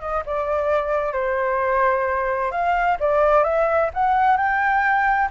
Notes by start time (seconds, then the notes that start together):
0.00 D#5
0.26 D5
1.13 C5
2.51 F5
3.00 D5
3.44 E5
3.94 F#5
4.37 G5